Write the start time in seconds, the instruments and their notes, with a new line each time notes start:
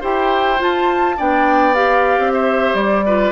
0.00 bassoon E4, clarinet G4, oboe C5, flute G5
0.57 clarinet F4, bassoon F4, flute A5
1.17 bassoon B3, clarinet D4, oboe D5, flute G5
1.74 clarinet G4, flute F5
2.18 bassoon C4
2.33 oboe C5, flute E5
2.74 bassoon G3, flute D5
3.05 clarinet F4, oboe B4